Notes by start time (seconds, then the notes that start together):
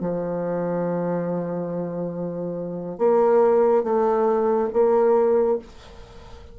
0.00 F3
2.98 A#3
3.83 A3
4.73 A#3